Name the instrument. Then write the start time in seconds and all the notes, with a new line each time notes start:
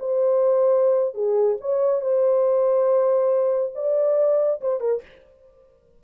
horn
0.00 C5
1.15 G#4
1.61 C#5
2.02 C5
3.76 D5
4.62 C5
4.81 A#4